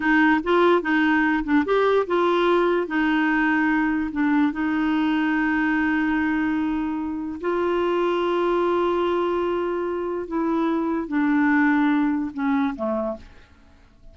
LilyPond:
\new Staff \with { instrumentName = "clarinet" } { \time 4/4 \tempo 4 = 146 dis'4 f'4 dis'4. d'8 | g'4 f'2 dis'4~ | dis'2 d'4 dis'4~ | dis'1~ |
dis'2 f'2~ | f'1~ | f'4 e'2 d'4~ | d'2 cis'4 a4 | }